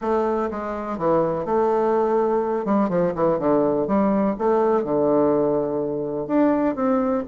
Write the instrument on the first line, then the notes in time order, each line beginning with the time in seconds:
bassoon
0.01 A3
0.50 G#3
0.98 E3
1.45 A3
2.65 G3
2.89 F3
3.15 E3
3.38 D3
3.87 G3
4.38 A3
4.84 D3
6.27 D4
6.75 C4